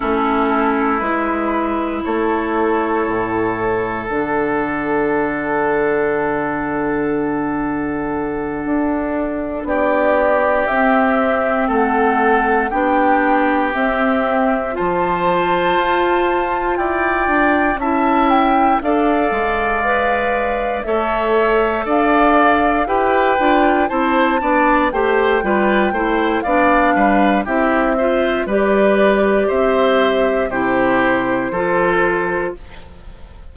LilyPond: <<
  \new Staff \with { instrumentName = "flute" } { \time 4/4 \tempo 4 = 59 a'4 b'4 cis''2 | fis''1~ | fis''4. d''4 e''4 fis''8~ | fis''8 g''4 e''4 a''4.~ |
a''8 g''4 a''8 g''8 f''4.~ | f''8 e''4 f''4 g''4 a''8~ | a''8 g''4. f''4 e''4 | d''4 e''4 c''2 | }
  \new Staff \with { instrumentName = "oboe" } { \time 4/4 e'2 a'2~ | a'1~ | a'4. g'2 a'8~ | a'8 g'2 c''4.~ |
c''8 d''4 e''4 d''4.~ | d''8 cis''4 d''4 b'4 c''8 | d''8 c''8 b'8 c''8 d''8 b'8 g'8 c''8 | b'4 c''4 g'4 a'4 | }
  \new Staff \with { instrumentName = "clarinet" } { \time 4/4 cis'4 e'2. | d'1~ | d'2~ d'8 c'4.~ | c'8 d'4 c'4 f'4.~ |
f'4. e'4 a'4 b'8~ | b'8 a'2 g'8 f'8 e'8 | d'8 g'8 f'8 e'8 d'4 e'8 f'8 | g'2 e'4 f'4 | }
  \new Staff \with { instrumentName = "bassoon" } { \time 4/4 a4 gis4 a4 a,4 | d1~ | d8 d'4 b4 c'4 a8~ | a8 b4 c'4 f4 f'8~ |
f'8 e'8 d'8 cis'4 d'8 gis4~ | gis8 a4 d'4 e'8 d'8 c'8 | b8 a8 g8 a8 b8 g8 c'4 | g4 c'4 c4 f4 | }
>>